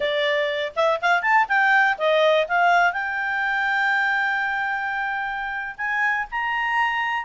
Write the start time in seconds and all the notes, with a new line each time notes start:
0.00 D5
0.75 E5
1.01 F5
1.22 A5
1.48 G5
1.97 D#5
2.47 F5
2.92 G5
5.77 G#5
6.31 A#5